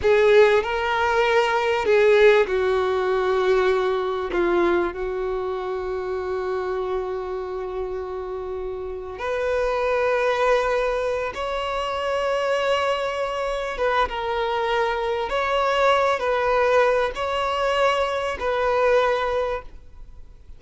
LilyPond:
\new Staff \with { instrumentName = "violin" } { \time 4/4 \tempo 4 = 98 gis'4 ais'2 gis'4 | fis'2. f'4 | fis'1~ | fis'2. b'4~ |
b'2~ b'8 cis''4.~ | cis''2~ cis''8 b'8 ais'4~ | ais'4 cis''4. b'4. | cis''2 b'2 | }